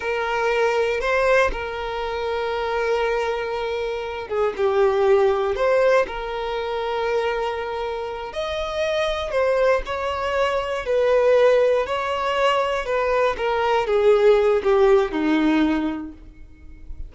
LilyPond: \new Staff \with { instrumentName = "violin" } { \time 4/4 \tempo 4 = 119 ais'2 c''4 ais'4~ | ais'1~ | ais'8 gis'8 g'2 c''4 | ais'1~ |
ais'8 dis''2 c''4 cis''8~ | cis''4. b'2 cis''8~ | cis''4. b'4 ais'4 gis'8~ | gis'4 g'4 dis'2 | }